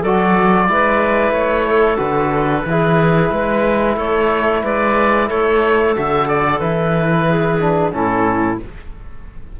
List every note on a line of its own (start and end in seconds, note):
0.00 0.68 F#3
0.00 0.68 F#4
0.00 0.66 A4
0.00 1.33 D5
0.68 1.31 G#3
0.68 1.97 E4
0.68 1.67 B4
1.31 1.97 A3
1.31 1.97 C#5
1.67 2.66 A4
1.97 2.64 D3
1.97 2.63 F#4
1.97 3.95 B4
2.65 3.31 E3
2.65 5.96 E4
2.65 3.34 G#4
3.31 3.96 G#3
3.31 3.95 B4
3.95 4.62 A3
3.95 4.61 A4
3.95 4.64 C#5
4.63 5.30 G#3
4.63 5.28 B4
4.63 5.29 D5
5.28 5.96 A3
5.28 7.25 A4
5.28 5.95 C#5
5.96 6.60 D3
5.96 6.61 F#4
5.96 6.28 E5
6.28 6.59 D5
6.59 7.92 E3
6.59 7.60 E4
6.59 7.91 B4
7.28 7.94 G#4
7.60 7.91 D4
7.91 8.58 A2
7.91 8.57 C#4
7.91 8.60 E4
7.91 8.59 A4